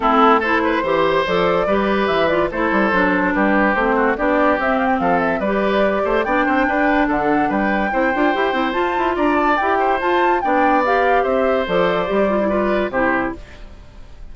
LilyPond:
<<
  \new Staff \with { instrumentName = "flute" } { \time 4/4 \tempo 4 = 144 a'4 c''2 d''4~ | d''4 e''8 d''8 c''2 | b'4 c''4 d''4 e''8 f''16 g''16 | f''8 e''8 d''2 g''4~ |
g''4 fis''4 g''2~ | g''4 a''4 ais''8 a''8 g''4 | a''4 g''4 f''4 e''4 | d''2. c''4 | }
  \new Staff \with { instrumentName = "oboe" } { \time 4/4 e'4 a'8 b'8 c''2 | b'2 a'2 | g'4. fis'8 g'2 | a'4 b'4. c''8 d''8 c''8 |
b'4 a'4 b'4 c''4~ | c''2 d''4. c''8~ | c''4 d''2 c''4~ | c''2 b'4 g'4 | }
  \new Staff \with { instrumentName = "clarinet" } { \time 4/4 c'4 e'4 g'4 a'4 | g'4. f'8 e'4 d'4~ | d'4 c'4 d'4 c'4~ | c'4 g'2 d'4~ |
d'2. e'8 f'8 | g'8 e'8 f'2 g'4 | f'4 d'4 g'2 | a'4 g'8 f'16 e'16 f'4 e'4 | }
  \new Staff \with { instrumentName = "bassoon" } { \time 4/4 a2 e4 f4 | g4 e4 a8 g8 fis4 | g4 a4 b4 c'4 | f4 g4. a8 b8 c'8 |
d'4 d4 g4 c'8 d'8 | e'8 c'8 f'8 e'8 d'4 e'4 | f'4 b2 c'4 | f4 g2 c4 | }
>>